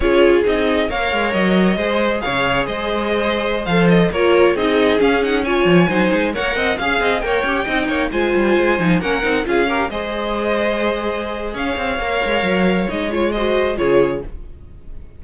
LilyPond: <<
  \new Staff \with { instrumentName = "violin" } { \time 4/4 \tempo 4 = 135 cis''4 dis''4 f''4 dis''4~ | dis''4 f''4 dis''2~ | dis''16 f''8 dis''8 cis''4 dis''4 f''8 fis''16~ | fis''16 gis''2 fis''4 f''8.~ |
f''16 g''2 gis''4.~ gis''16~ | gis''16 fis''4 f''4 dis''4.~ dis''16~ | dis''2 f''2~ | f''4 dis''8 cis''8 dis''4 cis''4 | }
  \new Staff \with { instrumentName = "violin" } { \time 4/4 gis'2 cis''2 | c''4 cis''4 c''2~ | c''4~ c''16 ais'4 gis'4.~ gis'16~ | gis'16 cis''4 c''4 cis''8 dis''8 f''8 dis''16~ |
dis''16 cis''4 dis''8 cis''8 c''4.~ c''16~ | c''16 ais'4 gis'8 ais'8 c''4.~ c''16~ | c''2 cis''2~ | cis''2 c''4 gis'4 | }
  \new Staff \with { instrumentName = "viola" } { \time 4/4 f'4 dis'4 ais'2 | gis'1~ | gis'16 a'4 f'4 dis'4 cis'8 dis'16~ | dis'16 f'4 dis'4 ais'4 gis'8.~ |
gis'16 ais'8 g'8 dis'4 f'4. dis'16~ | dis'16 cis'8 dis'8 f'8 g'8 gis'4.~ gis'16~ | gis'2. ais'4~ | ais'4 dis'8 f'8 fis'4 f'4 | }
  \new Staff \with { instrumentName = "cello" } { \time 4/4 cis'4 c'4 ais8 gis8 fis4 | gis4 cis4 gis2~ | gis16 f4 ais4 c'4 cis'8.~ | cis'8. f8 fis8 gis8 ais8 c'8 cis'8 c'16~ |
c'16 ais8 cis'8 c'8 ais8 gis8 g8 gis8 f16~ | f16 ais8 c'8 cis'4 gis4.~ gis16~ | gis2 cis'8 c'8 ais8 gis8 | fis4 gis2 cis4 | }
>>